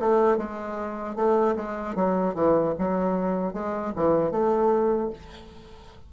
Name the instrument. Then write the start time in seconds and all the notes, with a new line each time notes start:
bassoon
0.00 A3
0.38 G#3
1.16 A3
1.56 G#3
1.96 F#3
2.35 E3
2.79 F#3
3.54 G#3
3.96 E3
4.32 A3